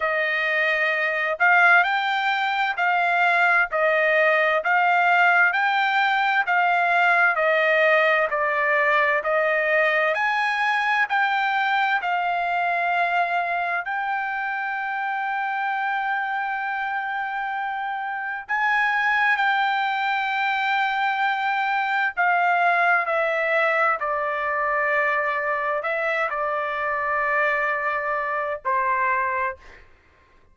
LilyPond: \new Staff \with { instrumentName = "trumpet" } { \time 4/4 \tempo 4 = 65 dis''4. f''8 g''4 f''4 | dis''4 f''4 g''4 f''4 | dis''4 d''4 dis''4 gis''4 | g''4 f''2 g''4~ |
g''1 | gis''4 g''2. | f''4 e''4 d''2 | e''8 d''2~ d''8 c''4 | }